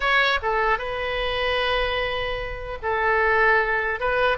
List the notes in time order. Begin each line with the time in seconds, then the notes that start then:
0.00 C#5
0.42 A4
0.78 B4
2.82 A4
4.00 B4